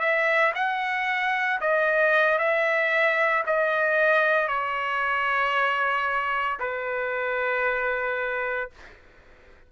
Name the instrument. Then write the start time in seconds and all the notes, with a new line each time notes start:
trumpet
0.00 E5
0.55 F#5
1.61 D#5
2.38 E5
3.46 D#5
4.48 C#5
6.60 B4